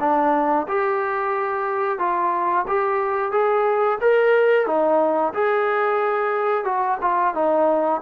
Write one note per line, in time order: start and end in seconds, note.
0.00 0.67 D4
0.68 1.99 G4
1.99 2.65 F4
2.68 3.32 G4
3.32 3.98 G#4
4.01 4.67 A#4
4.67 5.33 D#4
5.34 6.65 G#4
6.65 6.98 F#4
7.01 7.34 F4
7.35 8.01 D#4